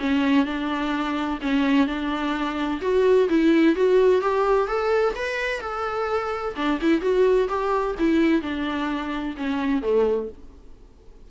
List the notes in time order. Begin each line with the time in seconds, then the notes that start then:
0.00 C#4
0.45 D4
1.42 C#4
1.87 D4
2.81 F#4
3.29 E4
3.76 F#4
4.21 G4
4.68 A4
5.15 B4
5.61 A4
6.56 D4
6.81 E4
7.01 F#4
7.49 G4
7.99 E4
8.42 D4
9.37 C#4
9.82 A3